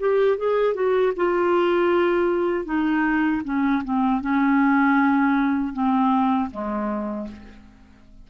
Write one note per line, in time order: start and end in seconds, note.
0.00 0.38 G4
0.38 0.74 G#4
0.74 1.13 F#4
1.17 2.65 F4
2.65 3.42 D#4
3.45 3.83 C#4
3.85 4.22 C4
4.22 5.73 C#4
5.73 6.50 C4
6.51 7.28 G#3